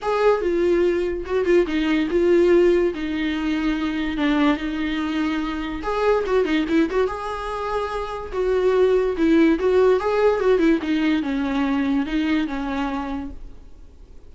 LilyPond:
\new Staff \with { instrumentName = "viola" } { \time 4/4 \tempo 4 = 144 gis'4 f'2 fis'8 f'8 | dis'4 f'2 dis'4~ | dis'2 d'4 dis'4~ | dis'2 gis'4 fis'8 dis'8 |
e'8 fis'8 gis'2. | fis'2 e'4 fis'4 | gis'4 fis'8 e'8 dis'4 cis'4~ | cis'4 dis'4 cis'2 | }